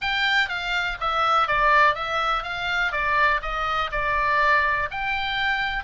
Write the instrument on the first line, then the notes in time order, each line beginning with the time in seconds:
oboe
0.01 G5
0.48 F5
1.00 E5
1.47 D5
1.94 E5
2.43 F5
2.92 D5
3.42 D#5
3.91 D5
4.90 G5